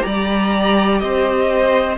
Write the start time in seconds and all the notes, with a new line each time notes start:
0.00 G3 G4 D5 A#5
0.98 C4 C5 D#5